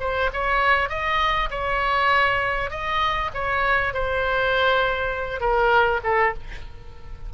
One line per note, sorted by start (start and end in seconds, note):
0.00 0.30 C5
0.33 0.89 C#5
0.89 1.49 D#5
1.51 2.71 C#5
2.71 3.31 D#5
3.34 3.94 C#5
3.94 5.40 C5
5.40 6.00 A#4
6.04 6.34 A4